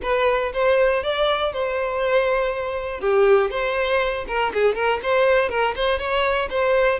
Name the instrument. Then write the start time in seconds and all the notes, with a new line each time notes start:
violin
0.02 B4
0.53 C5
1.03 D5
1.52 C5
3.00 G4
3.50 C5
4.27 A#4
4.53 G#4
4.75 A#4
5.02 C5
5.49 A#4
5.75 C5
5.98 C#5
6.50 C5